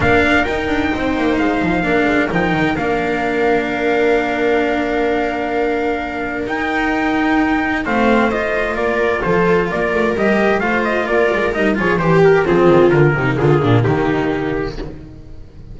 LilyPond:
<<
  \new Staff \with { instrumentName = "trumpet" } { \time 4/4 \tempo 4 = 130 f''4 g''2 f''4~ | f''4 g''4 f''2~ | f''1~ | f''2 g''2~ |
g''4 f''4 dis''4 d''4 | c''4 d''4 dis''4 f''8 dis''8 | d''4 dis''8 cis''8 c''8 ais'8 gis'4 | ais'4 gis'4 g'2 | }
  \new Staff \with { instrumentName = "viola" } { \time 4/4 ais'2 c''2 | ais'1~ | ais'1~ | ais'1~ |
ais'4 c''2 ais'4 | a'4 ais'2 c''4 | ais'4. gis'8 g'4 f'4~ | f'8 dis'8 f'8 d'8 dis'2 | }
  \new Staff \with { instrumentName = "cello" } { \time 4/4 d'4 dis'2. | d'4 dis'4 d'2~ | d'1~ | d'2 dis'2~ |
dis'4 c'4 f'2~ | f'2 g'4 f'4~ | f'4 dis'8 f'8 g'4 c'4 | ais1 | }
  \new Staff \with { instrumentName = "double bass" } { \time 4/4 ais4 dis'8 d'8 c'8 ais8 gis8 f8 | ais8 gis8 f8 dis8 ais2~ | ais1~ | ais2 dis'2~ |
dis'4 a2 ais4 | f4 ais8 a8 g4 a4 | ais8 gis8 g8 f8 e4 f8 dis8 | d8 c8 d8 ais,8 dis2 | }
>>